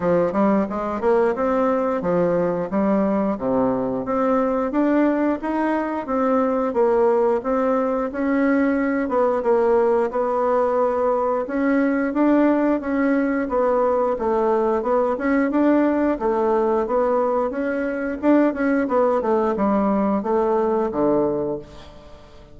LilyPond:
\new Staff \with { instrumentName = "bassoon" } { \time 4/4 \tempo 4 = 89 f8 g8 gis8 ais8 c'4 f4 | g4 c4 c'4 d'4 | dis'4 c'4 ais4 c'4 | cis'4. b8 ais4 b4~ |
b4 cis'4 d'4 cis'4 | b4 a4 b8 cis'8 d'4 | a4 b4 cis'4 d'8 cis'8 | b8 a8 g4 a4 d4 | }